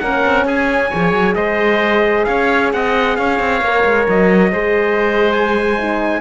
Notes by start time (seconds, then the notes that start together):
0.00 A#3 C#4 A#4 F#5
0.26 C4
0.45 C#4 G#4 G#5
0.90 F3 G#4 C#5
1.13 F#3
1.35 G#3 C5 D#5
2.25 C#4 C#5 F5
2.73 C4 D#5 F#5
3.17 C#4 C#5 F5
3.40 C4
3.62 A#3 A#4
3.85 G#3
4.09 F#3 D#5
4.52 G#3 G#4 C5
5.32 G#5
5.79 D#4